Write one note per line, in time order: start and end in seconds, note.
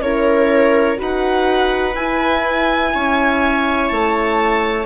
0.00 0.97 C#4
0.00 0.96 E4
0.00 0.99 A#4
0.00 0.99 C#5
0.96 1.96 D#4
0.96 1.93 F#4
0.96 2.93 B4
1.03 1.96 F#5
1.96 2.92 E4
1.96 4.86 E4
1.96 3.89 G#5
2.95 3.92 C#4
2.95 4.86 C#5
3.89 4.86 A3
3.89 4.85 A5